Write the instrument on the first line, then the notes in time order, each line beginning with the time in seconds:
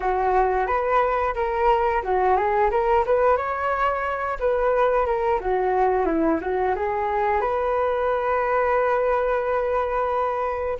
flute
0.00 F#4
0.66 B4
1.35 A#4
2.03 F#4
2.36 G#4
2.71 A#4
3.05 B4
3.36 C#5
4.39 B4
5.06 A#4
5.40 F#4
6.05 E4
6.41 F#4
6.75 G#4
7.40 B4